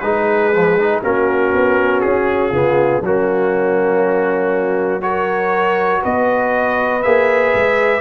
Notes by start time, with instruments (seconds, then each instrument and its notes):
0.00 tuba G#3, trombone D#4, horn G#4, trumpet B4
0.53 trombone F3
0.79 trombone D#4
1.02 tuba A#3, trombone C#4, horn F#4, trumpet A#4
1.54 tuba B3
2.01 tuba C#4, trumpet G#4
2.51 tuba C#3, trombone B3, horn F4
3.01 tuba F#3, trombone A#3, horn C#4, trumpet F#4
5.01 trombone F#4, horn A#4, trumpet C#5
6.02 tuba B3, horn B4, trumpet D#5
7.02 tuba A#3, trombone G#4, trumpet E5
7.55 tuba G#3